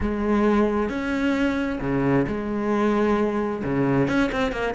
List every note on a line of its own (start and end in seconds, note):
0.01 0.89 G#3
0.89 1.79 C#4
1.80 2.26 C#3
2.27 3.63 G#3
3.64 4.07 C#3
4.07 4.30 C#4
4.31 4.52 C4
4.52 4.74 A#3